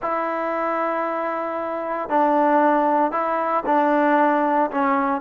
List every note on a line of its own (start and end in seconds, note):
0.01 2.09 E4
2.09 3.11 D4
3.11 3.63 E4
3.65 4.70 D4
4.71 5.21 C#4